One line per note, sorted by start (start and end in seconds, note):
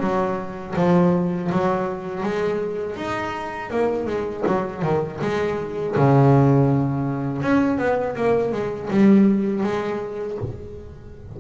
0.00 0.74 F#3
0.76 1.51 F3
1.52 2.23 F#3
2.23 2.96 G#3
2.96 3.70 D#4
3.70 4.07 A#3
4.07 4.44 G#3
4.47 4.82 F#3
4.82 5.19 D#3
5.21 5.95 G#3
5.96 7.41 C#3
7.41 7.78 C#4
7.78 8.15 B3
8.16 8.52 A#3
8.52 8.89 G#3
8.90 9.64 G3
9.64 10.38 G#3